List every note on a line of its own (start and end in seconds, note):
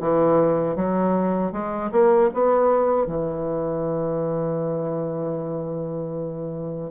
0.00 0.76 E3
0.76 1.52 F#3
1.52 1.91 G#3
1.92 2.30 A#3
2.34 3.07 B3
3.07 6.91 E3